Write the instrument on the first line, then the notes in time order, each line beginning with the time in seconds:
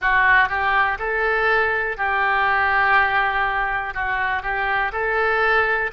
oboe
0.00 F#4
0.49 G4
0.98 A4
1.97 G4
3.93 F#4
4.42 G4
4.92 A4